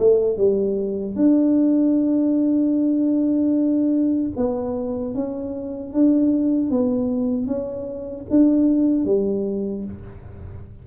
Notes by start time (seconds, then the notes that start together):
0.00 A3
0.38 G3
1.16 D4
4.37 B3
5.15 C#4
5.94 D4
6.71 B3
7.47 C#4
8.30 D4
9.06 G3